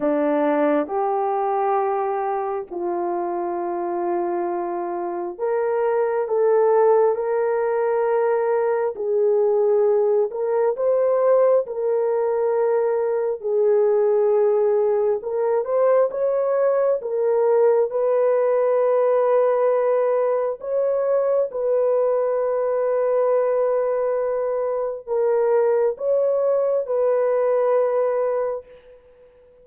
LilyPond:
\new Staff \with { instrumentName = "horn" } { \time 4/4 \tempo 4 = 67 d'4 g'2 f'4~ | f'2 ais'4 a'4 | ais'2 gis'4. ais'8 | c''4 ais'2 gis'4~ |
gis'4 ais'8 c''8 cis''4 ais'4 | b'2. cis''4 | b'1 | ais'4 cis''4 b'2 | }